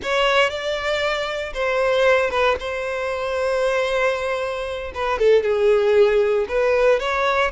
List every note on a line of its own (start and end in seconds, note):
0.02 0.49 C#5
0.49 1.53 D5
1.53 2.30 C5
2.30 2.56 B4
2.59 4.92 C5
4.94 5.18 B4
5.18 5.42 A4
5.42 6.46 G#4
6.48 6.99 B4
6.99 7.51 C#5